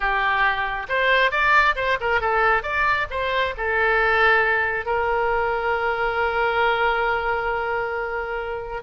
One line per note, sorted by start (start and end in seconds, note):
0.00 0.86 G4
0.88 1.31 C5
1.31 1.75 D5
1.75 1.97 C5
2.00 2.20 A#4
2.20 2.62 A4
2.62 3.07 D5
3.10 3.54 C5
3.57 4.85 A4
4.85 8.82 A#4